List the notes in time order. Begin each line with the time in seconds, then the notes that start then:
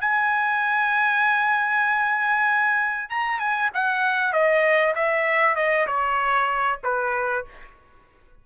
0.00 G#5
3.09 A#5
3.39 G#5
3.74 F#5
4.32 D#5
4.95 E5
5.55 D#5
5.87 C#5
6.83 B4